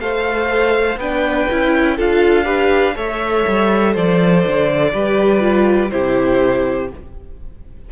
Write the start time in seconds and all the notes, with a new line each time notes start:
0.00 A3 A4 C5 F5
0.96 B3 D4 B4 G5
1.50 C#4 E4
1.96 D4 F4 A4 F5
2.44 G4 B4
2.95 A3 A4 C#5 E5
3.47 G3
3.92 F3 C5 D5
4.47 D3
4.93 G3 G4 B4
5.40 F4
5.90 C3 E4 G4 C5